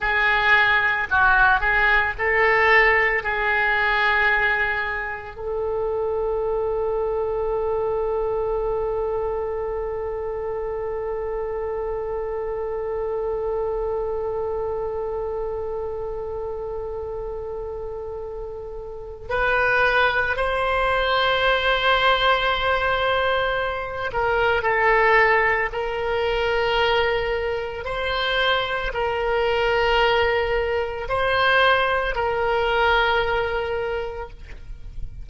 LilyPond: \new Staff \with { instrumentName = "oboe" } { \time 4/4 \tempo 4 = 56 gis'4 fis'8 gis'8 a'4 gis'4~ | gis'4 a'2.~ | a'1~ | a'1~ |
a'2 b'4 c''4~ | c''2~ c''8 ais'8 a'4 | ais'2 c''4 ais'4~ | ais'4 c''4 ais'2 | }